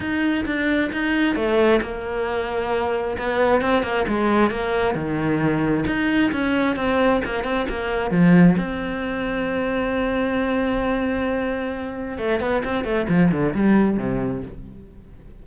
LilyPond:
\new Staff \with { instrumentName = "cello" } { \time 4/4 \tempo 4 = 133 dis'4 d'4 dis'4 a4 | ais2. b4 | c'8 ais8 gis4 ais4 dis4~ | dis4 dis'4 cis'4 c'4 |
ais8 c'8 ais4 f4 c'4~ | c'1~ | c'2. a8 b8 | c'8 a8 f8 d8 g4 c4 | }